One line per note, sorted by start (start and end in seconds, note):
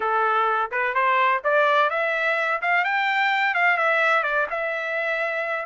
0.00 0.70 A4
0.71 0.94 B4
0.94 1.41 C5
1.44 1.90 D5
1.90 2.61 E5
2.61 2.84 F5
2.84 3.54 G5
3.54 3.77 F5
3.77 4.23 E5
4.23 4.46 D5
4.50 5.65 E5